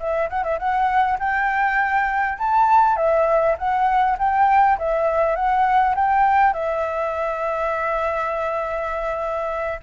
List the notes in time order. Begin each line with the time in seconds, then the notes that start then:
0.00 E5
0.30 F#5
0.44 E5
0.59 F#5
1.20 G5
2.39 A5
2.97 E5
3.58 F#5
4.19 G5
4.79 E5
5.36 F#5
5.96 G5
6.54 E5